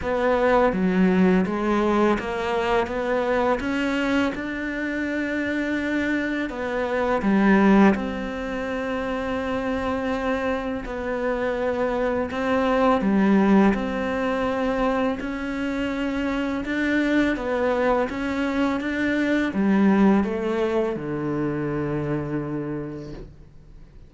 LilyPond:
\new Staff \with { instrumentName = "cello" } { \time 4/4 \tempo 4 = 83 b4 fis4 gis4 ais4 | b4 cis'4 d'2~ | d'4 b4 g4 c'4~ | c'2. b4~ |
b4 c'4 g4 c'4~ | c'4 cis'2 d'4 | b4 cis'4 d'4 g4 | a4 d2. | }